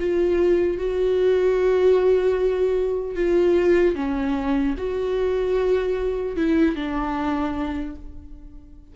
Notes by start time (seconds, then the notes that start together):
0.00 F4
0.78 F#4
3.16 F4
3.96 C#4
4.78 F#4
6.37 E4
6.76 D4